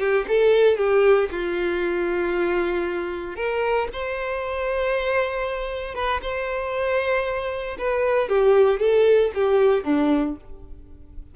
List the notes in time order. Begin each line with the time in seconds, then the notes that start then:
0.00 G4
0.28 A4
0.78 G4
1.31 F4
3.36 A#4
3.93 C5
5.95 B4
6.22 C5
7.79 B4
8.29 G4
8.80 A4
9.35 G4
9.84 D4